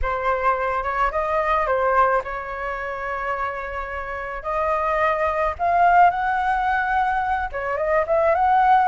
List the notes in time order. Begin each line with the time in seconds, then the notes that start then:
0.02 C5
0.83 C#5
1.11 D#5
1.66 C5
2.24 C#5
4.43 D#5
5.59 F5
6.10 F#5
7.52 C#5
7.77 D#5
8.07 E5
8.34 F#5